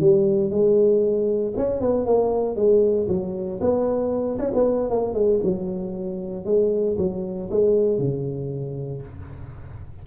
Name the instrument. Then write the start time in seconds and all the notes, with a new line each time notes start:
tuba
0.00 G3
0.50 G#3
1.57 C#4
1.81 B3
2.06 A#3
2.56 G#3
3.08 F#3
3.61 B3
4.39 C#4
4.54 B3
4.90 A#3
5.14 G#3
5.44 F#3
6.45 G#3
6.98 F#3
7.51 G#3
7.99 C#3